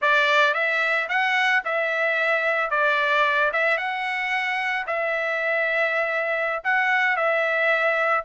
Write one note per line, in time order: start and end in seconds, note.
0.01 0.54 D5
0.54 1.08 E5
1.09 1.63 F#5
1.65 2.70 E5
2.70 3.51 D5
3.53 3.77 E5
3.77 4.86 F#5
4.86 6.62 E5
6.64 7.16 F#5
7.16 8.24 E5